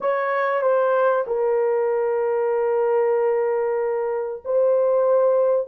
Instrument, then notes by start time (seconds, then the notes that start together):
horn
0.00 C#5
0.61 C5
1.26 A#4
4.44 C5